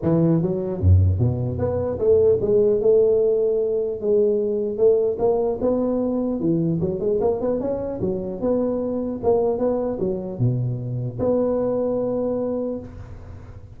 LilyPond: \new Staff \with { instrumentName = "tuba" } { \time 4/4 \tempo 4 = 150 e4 fis4 fis,4 b,4 | b4 a4 gis4 a4~ | a2 gis2 | a4 ais4 b2 |
e4 fis8 gis8 ais8 b8 cis'4 | fis4 b2 ais4 | b4 fis4 b,2 | b1 | }